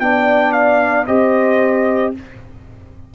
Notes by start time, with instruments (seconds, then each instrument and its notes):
0.00 tuba B3, trombone D4, horn D5, trumpet G5
0.52 trumpet F5
1.06 tuba C4, trombone G4, horn C5, trumpet D#5